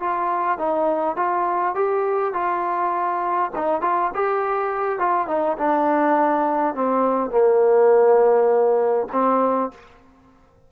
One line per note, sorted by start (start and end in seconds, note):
0.00 0.58 F4
0.58 1.16 D#4
1.16 1.75 F4
1.75 2.33 G4
2.33 3.51 F4
3.55 3.82 D#4
3.82 4.11 F4
4.15 4.99 G4
4.99 5.28 F4
5.28 5.57 D#4
5.58 6.75 D4
6.75 7.31 C4
7.31 9.07 A#3
9.12 9.71 C4